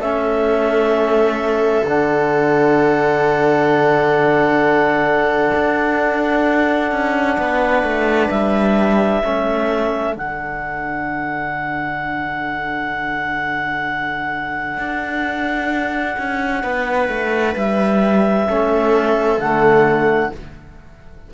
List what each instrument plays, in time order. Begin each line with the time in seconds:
0.00 cello A3, trombone C#4, viola A4, clarinet E5
1.81 cello D3, trombone D4
1.88 clarinet F#5
5.55 cello D4
6.92 cello C#4
7.38 cello B3, viola B4
7.83 cello A3
8.30 cello G3, clarinet E5
9.22 cello A3, trombone C#4, viola A4
10.16 cello D3, trombone D4, clarinet F#5
14.77 cello D4
16.18 cello C#4
16.62 cello B3, viola B4
17.09 cello A3
17.56 cello G3, clarinet E5
18.47 cello A3, trombone C#4, viola A4
19.38 cello D3, trombone A3, clarinet F#5